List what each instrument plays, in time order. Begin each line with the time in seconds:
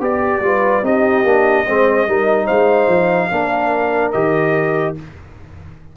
0.00 tuba B3, trombone G4, horn G4, trumpet D5
0.40 tuba G3, trombone F4, horn B4
0.83 tuba C4, trombone D#4, horn G4, trumpet D#5
1.24 tuba A#3, trombone D4
1.66 tuba G#3, trombone C4, horn C5
2.08 tuba G3, trombone D#4, horn A#4
2.45 tuba G#3, horn C5, trumpet F5
2.88 tuba F3
3.31 tuba A#3, trombone D4, horn A#4
4.12 tuba D#3, trombone G4, trumpet D#5